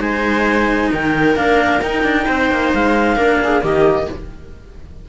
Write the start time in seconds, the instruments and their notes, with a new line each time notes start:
0.00 cello G#3 D#4, viola C5, clarinet G#5
0.92 cello D#3, viola A#4, clarinet G5
1.36 cello A#3 D4, clarinet F5
1.81 cello D#4, clarinet G5
2.03 cello D4
2.26 cello C4, viola C5
2.51 cello A#3
2.74 cello G#3, clarinet F5
3.16 cello A#3 D4, viola A#4
3.44 viola G#4
3.61 cello D#3 A#3, viola G4, clarinet D#5